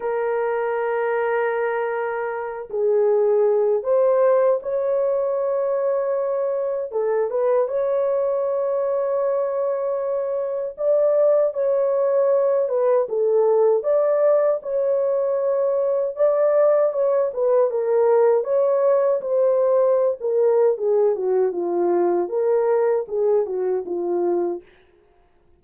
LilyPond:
\new Staff \with { instrumentName = "horn" } { \time 4/4 \tempo 4 = 78 ais'2.~ ais'8 gis'8~ | gis'4 c''4 cis''2~ | cis''4 a'8 b'8 cis''2~ | cis''2 d''4 cis''4~ |
cis''8 b'8 a'4 d''4 cis''4~ | cis''4 d''4 cis''8 b'8 ais'4 | cis''4 c''4~ c''16 ais'8. gis'8 fis'8 | f'4 ais'4 gis'8 fis'8 f'4 | }